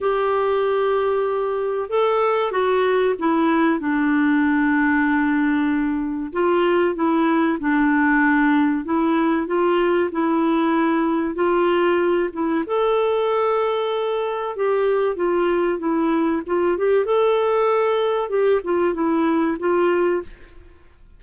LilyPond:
\new Staff \with { instrumentName = "clarinet" } { \time 4/4 \tempo 4 = 95 g'2. a'4 | fis'4 e'4 d'2~ | d'2 f'4 e'4 | d'2 e'4 f'4 |
e'2 f'4. e'8 | a'2. g'4 | f'4 e'4 f'8 g'8 a'4~ | a'4 g'8 f'8 e'4 f'4 | }